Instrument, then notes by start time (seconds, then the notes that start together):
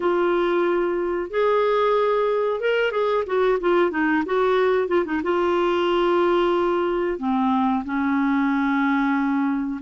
clarinet
0.00 F4
1.30 G#4
2.60 A#4
2.91 G#4
3.26 F#4
3.60 F4
3.90 D#4
4.25 F#4
4.88 F4
5.05 D#4
5.23 F4
7.19 C4
7.84 C#4